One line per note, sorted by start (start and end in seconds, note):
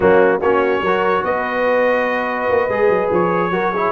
0.00 0.41 F#3
0.00 0.40 A#3
0.00 0.39 C#4
0.00 0.40 F#4
0.41 0.81 A#3
0.41 0.85 C#4
0.41 0.82 F#4
0.41 1.24 C#5
0.81 1.22 F#3
0.81 2.70 F#4
0.81 1.23 A#4
1.24 2.48 B3
1.24 3.52 B4
1.24 3.10 D#5
2.50 2.68 A#3
2.68 2.88 G#3
2.68 3.52 G#4
2.88 3.09 F#3
3.11 3.50 F3
3.11 3.92 C#5
3.50 3.91 F#3
3.50 3.72 F#4
3.50 3.72 A#4
3.72 3.92 E4
3.72 3.92 G#4